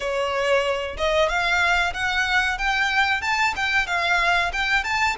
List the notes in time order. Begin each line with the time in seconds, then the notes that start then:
0.00 C#5
0.97 D#5
1.28 F5
1.93 F#5
2.57 G5
3.21 A5
3.55 G5
3.87 F5
4.52 G5
4.84 A5